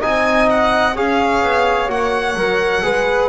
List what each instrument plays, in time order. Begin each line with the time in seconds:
0.00 double bass C4, trombone D#4, flute D#5, violin G#5
0.50 violin F#5
0.95 double bass C#4, trombone G#4, flute C#5, violin F5
1.43 double bass B3
1.88 double bass A#3, trombone F#4, violin F#5
2.36 double bass F#3, trombone A#4
2.83 double bass G#3, trombone G#4, flute B4